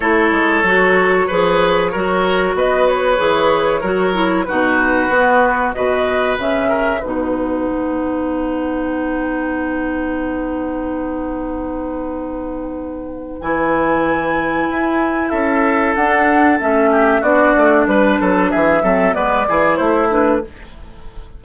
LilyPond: <<
  \new Staff \with { instrumentName = "flute" } { \time 4/4 \tempo 4 = 94 cis''1 | dis''8 cis''2~ cis''8 b'4~ | b'4 dis''4 e''4 fis''4~ | fis''1~ |
fis''1~ | fis''4 gis''2. | e''4 fis''4 e''4 d''4 | b'4 e''4 d''4 c''8 b'8 | }
  \new Staff \with { instrumentName = "oboe" } { \time 4/4 a'2 b'4 ais'4 | b'2 ais'4 fis'4~ | fis'4 b'4. ais'8 b'4~ | b'1~ |
b'1~ | b'1 | a'2~ a'8 g'8 fis'4 | b'8 a'8 gis'8 a'8 b'8 gis'8 e'4 | }
  \new Staff \with { instrumentName = "clarinet" } { \time 4/4 e'4 fis'4 gis'4 fis'4~ | fis'4 gis'4 fis'8 e'8 dis'4 | b4 fis'4 cis'4 dis'4~ | dis'1~ |
dis'1~ | dis'4 e'2.~ | e'4 d'4 cis'4 d'4~ | d'4. c'8 b8 e'4 d'8 | }
  \new Staff \with { instrumentName = "bassoon" } { \time 4/4 a8 gis8 fis4 f4 fis4 | b4 e4 fis4 b,4 | b4 b,4 cis4 b,4 | b1~ |
b1~ | b4 e2 e'4 | cis'4 d'4 a4 b8 a8 | g8 fis8 e8 fis8 gis8 e8 a4 | }
>>